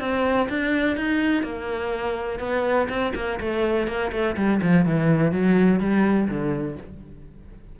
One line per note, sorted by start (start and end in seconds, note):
0.00 0.48 C4
0.49 0.97 D4
0.97 1.43 D#4
1.43 2.40 A#3
2.40 2.88 B3
2.89 3.13 C4
3.15 3.39 A#3
3.40 3.87 A3
3.87 4.12 A#3
4.12 4.36 A3
4.36 4.61 G3
4.63 4.86 F3
4.86 5.32 E3
5.32 5.80 F#3
5.80 6.28 G3
6.29 6.77 D3